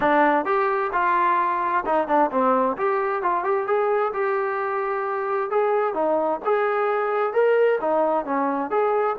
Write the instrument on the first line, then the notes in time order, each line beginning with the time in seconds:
trombone
0.00 D4
0.45 G4
0.92 F4
1.85 D#4
2.07 D4
2.31 C4
2.77 G4
3.22 F4
3.44 G4
3.66 G#4
4.13 G4
5.50 G#4
5.94 D#4
6.45 G#4
7.33 A#4
7.80 D#4
8.25 C#4
8.70 G#4